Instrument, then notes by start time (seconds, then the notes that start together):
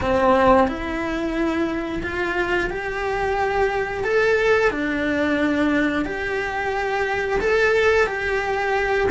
cello
0.00 C4
0.67 E4
2.03 F4
2.70 G4
4.04 A4
4.70 D4
6.05 G4
7.40 A4
8.06 G4